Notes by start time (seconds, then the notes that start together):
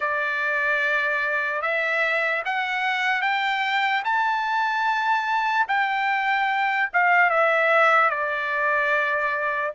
0.00 D5
1.61 E5
2.45 F#5
3.21 G5
4.04 A5
5.68 G5
6.93 F5
7.30 E5
8.09 D5